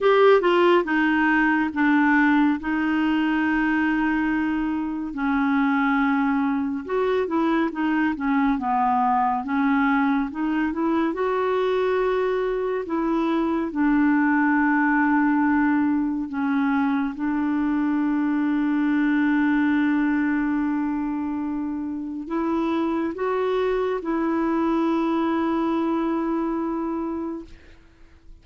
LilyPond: \new Staff \with { instrumentName = "clarinet" } { \time 4/4 \tempo 4 = 70 g'8 f'8 dis'4 d'4 dis'4~ | dis'2 cis'2 | fis'8 e'8 dis'8 cis'8 b4 cis'4 | dis'8 e'8 fis'2 e'4 |
d'2. cis'4 | d'1~ | d'2 e'4 fis'4 | e'1 | }